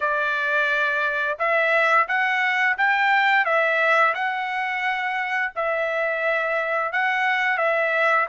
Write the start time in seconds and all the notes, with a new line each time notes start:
0.00 D5
1.38 E5
2.08 F#5
2.77 G5
3.45 E5
4.14 F#5
5.55 E5
6.92 F#5
7.57 E5